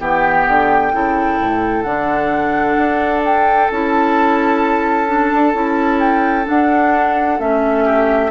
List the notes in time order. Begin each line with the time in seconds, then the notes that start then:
0.00 E3 B3 G4 G5
0.47 D3
0.92 C#3 E4 A4
1.41 A2
1.83 D3 D4 F#5
2.78 D4
3.25 G5
3.72 C#4 E4 A5
5.07 D4
5.33 D4
5.54 C#4 E4
6.00 G5
6.45 D4 F#5
7.39 A3 C#4 E5
7.85 G4